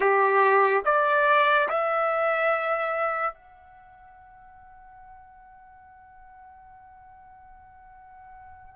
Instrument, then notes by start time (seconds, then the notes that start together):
trumpet
0.00 G4
0.84 D5
1.69 E5
3.33 F#5